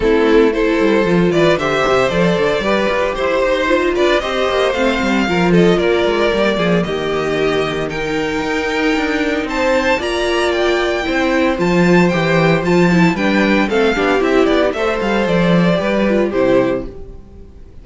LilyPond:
<<
  \new Staff \with { instrumentName = "violin" } { \time 4/4 \tempo 4 = 114 a'4 c''4. d''8 e''4 | d''2 c''4. d''8 | dis''4 f''4. dis''8 d''4~ | d''4 dis''2 g''4~ |
g''2 a''4 ais''4 | g''2 a''4 g''4 | a''4 g''4 f''4 e''8 d''8 | e''8 f''8 d''2 c''4 | }
  \new Staff \with { instrumentName = "violin" } { \time 4/4 e'4 a'4. b'8 c''4~ | c''4 b'4 c''4. b'8 | c''2 ais'8 a'8 ais'4~ | ais'8 gis'8 g'2 ais'4~ |
ais'2 c''4 d''4~ | d''4 c''2.~ | c''4 b'4 a'8 g'4. | c''2 b'4 g'4 | }
  \new Staff \with { instrumentName = "viola" } { \time 4/4 c'4 e'4 f'4 g'4 | a'4 g'2 f'4 | g'4 c'4 f'2 | ais2. dis'4~ |
dis'2. f'4~ | f'4 e'4 f'4 g'4 | f'8 e'8 d'4 c'8 d'8 e'4 | a'2 g'8 f'8 e'4 | }
  \new Staff \with { instrumentName = "cello" } { \time 4/4 a4. g8 f8 e8 d8 c8 | f8 d8 g8 f'8 e'8 dis'4 d'8 | c'8 ais8 a8 g8 f4 ais8 gis8 | g8 f8 dis2. |
dis'4 d'4 c'4 ais4~ | ais4 c'4 f4 e4 | f4 g4 a8 b8 c'8 b8 | a8 g8 f4 g4 c4 | }
>>